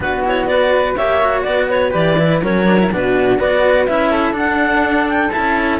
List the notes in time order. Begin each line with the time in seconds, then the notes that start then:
0.00 B3 D4 F#4 B4
0.23 E4 C#5
0.46 F#4 B4 D5
0.96 A#3 G4 C#5 E5
1.21 F#4
1.43 B3 B4 D5
1.69 C#5
1.90 E3 G4 D5
2.18 E4
2.42 F#3 C#4 A#4 C#5
2.66 D4
2.78 E4
2.91 B2 D4 F#4 B4
3.38 B3 F#4 B4 D5
3.86 C#4 E4 E5
4.10 A4
4.32 D4 F#5
5.08 G5
5.30 E4 A5
5.37 C#4